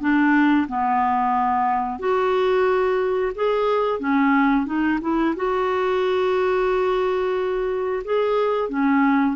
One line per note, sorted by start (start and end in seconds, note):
0.00 0.67 D4
0.68 1.99 B3
1.99 3.32 F#4
3.35 4.00 G#4
4.00 4.66 C#4
4.66 4.99 D#4
5.01 5.35 E4
5.36 8.02 F#4
8.04 8.69 G#4
8.69 9.36 C#4